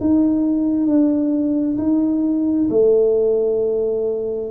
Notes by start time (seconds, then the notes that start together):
0.00 D#4
0.86 D4
1.78 D#4
2.69 A3